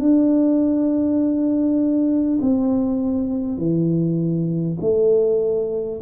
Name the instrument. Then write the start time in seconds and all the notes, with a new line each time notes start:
tuba
0.00 D4
2.41 C4
3.58 E3
4.81 A3